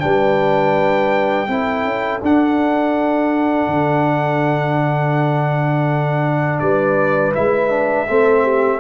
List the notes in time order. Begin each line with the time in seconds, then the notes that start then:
0.00 G3 D4 B4 G5
1.47 C4 E4 A4
1.85 C#4
2.22 D4 F#5
3.67 D3
6.59 G3 B4 D5
7.35 G#3 E4 E5
7.70 D4
8.07 A3 C4 A4
8.42 G4